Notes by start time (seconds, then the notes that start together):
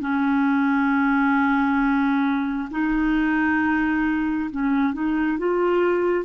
0.00 C#4
2.71 D#4
4.51 C#4
4.93 D#4
5.38 F4